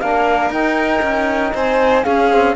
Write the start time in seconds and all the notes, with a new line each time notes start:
0.00 A#3 D4 A#4 F5
0.49 D#4 G5
1.01 C#4
1.53 C4 C5 G#5
2.03 C#4 G#4 F5
2.30 C4